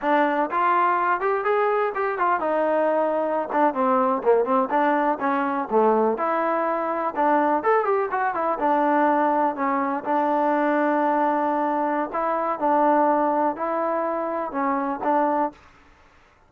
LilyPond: \new Staff \with { instrumentName = "trombone" } { \time 4/4 \tempo 4 = 124 d'4 f'4. g'8 gis'4 | g'8 f'8 dis'2~ dis'16 d'8 c'16~ | c'8. ais8 c'8 d'4 cis'4 a16~ | a8. e'2 d'4 a'16~ |
a'16 g'8 fis'8 e'8 d'2 cis'16~ | cis'8. d'2.~ d'16~ | d'4 e'4 d'2 | e'2 cis'4 d'4 | }